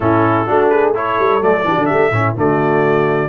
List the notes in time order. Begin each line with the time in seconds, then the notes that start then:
0.00 A2 C#4 E4 A4
0.46 A3 D4 F#4
0.69 G#4 B4
0.94 E4 A4 C#5
1.19 G3
1.40 F#3 A3 D5
1.64 E3 D4 G4
1.75 D3 F#4
1.85 G4 E5
1.92 A3
2.10 A2 C#4 E4
2.35 D3 A3 F#4 D5